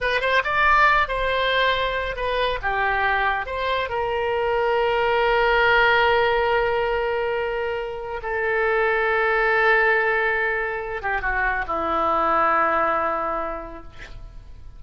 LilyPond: \new Staff \with { instrumentName = "oboe" } { \time 4/4 \tempo 4 = 139 b'8 c''8 d''4. c''4.~ | c''4 b'4 g'2 | c''4 ais'2.~ | ais'1~ |
ais'2. a'4~ | a'1~ | a'4. g'8 fis'4 e'4~ | e'1 | }